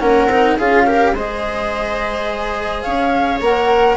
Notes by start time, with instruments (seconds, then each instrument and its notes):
0.00 bassoon A#3, cello C#4, viola A#4, flute F#5
0.26 bassoon C4, cello D#4
0.57 bassoon C#4, cello F4, viola G#4, flute F5
0.87 cello G4, viola A#4
1.14 bassoon G#3, cello G#4, viola C5, flute D#5
2.82 bassoon C#4, viola C#5, flute F5
3.41 bassoon A#3, cello A#4, flute F#5